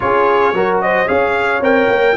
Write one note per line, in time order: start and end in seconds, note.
0.00 0.53 C#4
0.00 0.54 F4
0.00 0.55 G#4
0.00 0.78 C#5
0.53 1.07 F#3
0.53 1.06 F#4
0.53 0.82 A#4
0.81 1.08 C5
0.81 1.07 D#5
1.06 1.61 C#4
1.06 1.60 G#4
1.06 2.16 C#5
1.06 1.61 F5
1.61 1.88 C4
1.61 2.16 A#4
1.61 2.16 G5
1.88 2.15 A#3